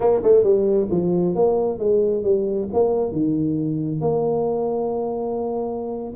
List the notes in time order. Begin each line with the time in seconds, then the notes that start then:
0.00 A#3
0.23 A3
0.43 G3
0.90 F3
1.35 A#3
1.78 G#3
2.23 G3
2.73 A#3
3.12 D#3
4.00 A#3